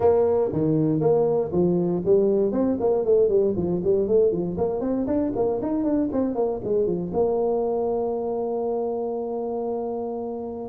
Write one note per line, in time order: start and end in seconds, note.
0.00 0.51 A#3
0.52 1.00 D#3
1.00 1.51 A#3
1.52 2.02 F3
2.05 2.52 G3
2.52 2.77 C4
2.79 3.04 A#3
3.04 3.28 A3
3.28 3.54 G3
3.56 3.81 F3
3.84 4.07 G3
4.07 4.31 A3
4.31 4.56 F3
4.57 4.80 A#3
4.80 5.05 C4
5.06 5.32 D4
5.35 5.60 A#3
5.61 5.83 D#4
5.83 6.09 D4
6.12 6.34 C4
6.34 6.60 A#3
6.64 6.86 G#3
6.86 7.11 F3
7.13 10.68 A#3